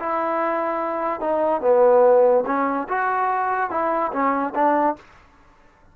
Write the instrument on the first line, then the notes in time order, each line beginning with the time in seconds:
trombone
0.00 E4
1.21 D#4
1.62 B3
2.47 C#4
2.89 F#4
3.71 E4
4.13 C#4
4.55 D4